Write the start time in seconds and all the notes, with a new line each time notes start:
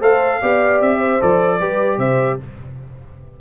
0.00 A3 A4 C5 F5
0.42 B3 G4 D5
0.81 C4 E5
0.99 C5
1.21 F3 A4 D5
1.60 G3 G4 B4
1.98 C3 C5 E5